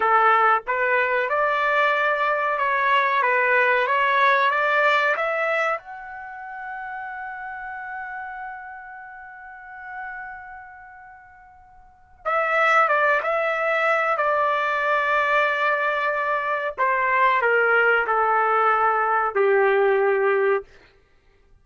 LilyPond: \new Staff \with { instrumentName = "trumpet" } { \time 4/4 \tempo 4 = 93 a'4 b'4 d''2 | cis''4 b'4 cis''4 d''4 | e''4 fis''2.~ | fis''1~ |
fis''2. e''4 | d''8 e''4. d''2~ | d''2 c''4 ais'4 | a'2 g'2 | }